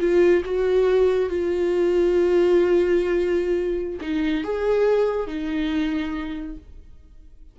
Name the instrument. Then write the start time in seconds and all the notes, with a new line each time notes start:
viola
0.00 F4
0.45 F#4
1.30 F4
4.01 D#4
4.44 G#4
5.27 D#4